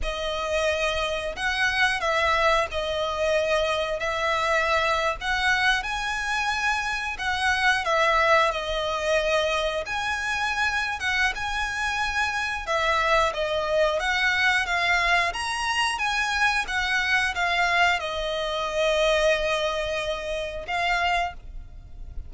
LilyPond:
\new Staff \with { instrumentName = "violin" } { \time 4/4 \tempo 4 = 90 dis''2 fis''4 e''4 | dis''2 e''4.~ e''16 fis''16~ | fis''8. gis''2 fis''4 e''16~ | e''8. dis''2 gis''4~ gis''16~ |
gis''8 fis''8 gis''2 e''4 | dis''4 fis''4 f''4 ais''4 | gis''4 fis''4 f''4 dis''4~ | dis''2. f''4 | }